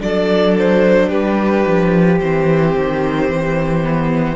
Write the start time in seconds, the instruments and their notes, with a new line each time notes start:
0.00 cello F#3, viola D4, violin A4 D5
0.59 violin C5
1.08 cello G3, violin G4 B4
1.67 cello F3
2.20 cello E3, viola C4, violin C5
2.77 cello D#3
3.30 cello E3
3.84 viola B3